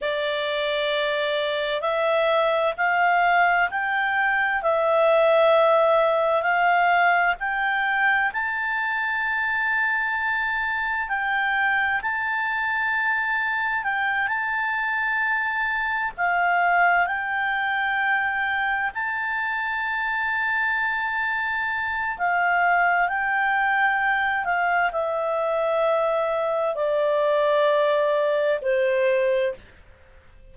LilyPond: \new Staff \with { instrumentName = "clarinet" } { \time 4/4 \tempo 4 = 65 d''2 e''4 f''4 | g''4 e''2 f''4 | g''4 a''2. | g''4 a''2 g''8 a''8~ |
a''4. f''4 g''4.~ | g''8 a''2.~ a''8 | f''4 g''4. f''8 e''4~ | e''4 d''2 c''4 | }